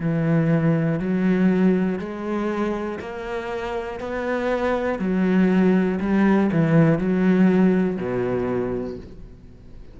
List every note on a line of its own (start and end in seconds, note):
0.00 1.00 E3
1.00 1.99 F#3
1.99 2.99 G#3
3.00 4.00 A#3
4.00 4.99 B3
4.99 5.99 F#3
6.00 6.50 G3
6.52 6.99 E3
6.99 7.97 F#3
7.97 8.97 B2